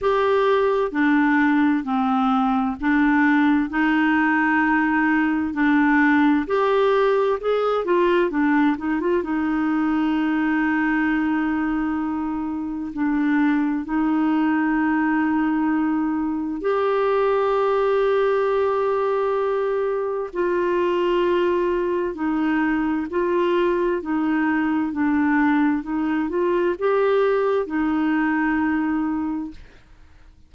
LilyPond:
\new Staff \with { instrumentName = "clarinet" } { \time 4/4 \tempo 4 = 65 g'4 d'4 c'4 d'4 | dis'2 d'4 g'4 | gis'8 f'8 d'8 dis'16 f'16 dis'2~ | dis'2 d'4 dis'4~ |
dis'2 g'2~ | g'2 f'2 | dis'4 f'4 dis'4 d'4 | dis'8 f'8 g'4 dis'2 | }